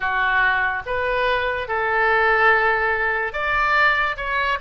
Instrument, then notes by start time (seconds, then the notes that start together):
oboe
0.00 F#4
0.86 B4
1.68 A4
3.33 D5
4.17 C#5